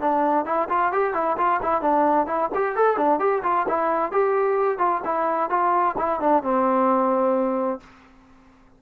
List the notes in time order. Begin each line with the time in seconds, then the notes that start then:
0.00 D4
0.45 E4
0.69 F4
0.92 G4
1.13 E4
1.37 F4
1.62 E4
1.81 D4
2.26 E4
2.54 G4
2.75 A4
2.96 D4
3.19 G4
3.43 F4
3.68 E4
4.12 G4
4.78 F4
5.04 E4
5.49 F4
5.98 E4
6.20 D4
6.42 C4